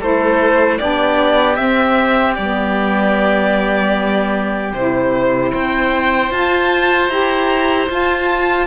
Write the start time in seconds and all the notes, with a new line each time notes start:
0.00 A3 E4 A4 C5
0.78 B3 D4 G4 D5
1.56 C4 E5
2.35 G3 B3 D5
4.73 C3 E4 C5
5.51 C4 C5 G5
6.31 F4 A5
7.10 E4 G4 A#5
7.89 F4 A5